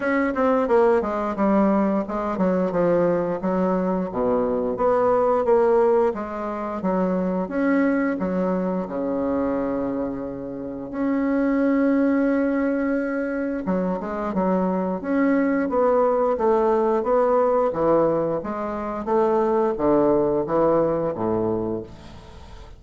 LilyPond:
\new Staff \with { instrumentName = "bassoon" } { \time 4/4 \tempo 4 = 88 cis'8 c'8 ais8 gis8 g4 gis8 fis8 | f4 fis4 b,4 b4 | ais4 gis4 fis4 cis'4 | fis4 cis2. |
cis'1 | fis8 gis8 fis4 cis'4 b4 | a4 b4 e4 gis4 | a4 d4 e4 a,4 | }